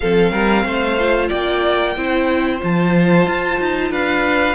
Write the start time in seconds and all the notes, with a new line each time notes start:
0.00 F3 C4 A4 F5
0.31 G3 A#4
0.65 A3 C5
0.98 F4
1.29 A#3 D5 G5
1.96 C4 E4 C5
2.59 F3 F4 A5
3.26 F4
3.59 D#4
3.90 D4 B4 F5